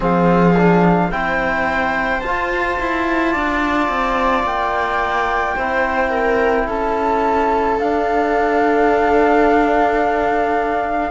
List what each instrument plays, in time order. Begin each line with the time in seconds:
0.00 cello F3, trombone C4, viola G#4, flute F5
0.56 trombone D4
1.11 cello C4, trombone E4, viola C5, flute G5
2.20 cello F4, trombone F4, flute A5
2.79 cello E4
3.32 cello D4, viola D5
3.88 cello C4
4.43 cello A#3, flute G5
5.55 cello C4, trombone E4, viola C5
6.09 viola A#4
6.66 cello C#4, viola A4, flute A5
7.79 cello D4, trombone D4, flute F5